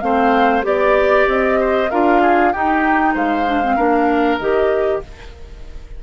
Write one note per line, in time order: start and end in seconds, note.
0.00 0.64 A3
0.00 0.63 C4
0.00 0.66 C5
0.00 0.62 F5
0.63 1.27 B3
0.63 1.88 G4
0.63 1.28 D5
0.63 1.60 D5
1.27 1.89 C4
1.27 1.90 D#5
1.60 1.90 C5
1.90 2.54 D4
1.90 2.54 F4
1.90 2.21 A#4
1.90 2.52 F5
2.21 2.52 G#4
2.52 3.46 D#4
2.52 3.15 D#4
2.52 3.14 G4
2.52 3.15 G5
3.14 3.77 G#3
3.14 3.76 C5
3.14 4.39 F5
3.46 3.62 D4
3.63 3.77 C4
3.76 4.39 A#3
3.76 4.39 D4
3.76 5.01 A#4
4.39 5.01 D#3
4.39 5.03 G4
4.39 5.01 D#5